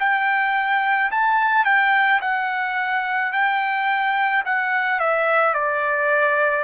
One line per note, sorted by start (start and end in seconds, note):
0.00 1.11 G5
1.11 1.65 A5
1.65 2.21 G5
2.22 3.33 F#5
3.33 4.44 G5
4.45 4.99 F#5
4.99 5.55 E5
5.55 6.64 D5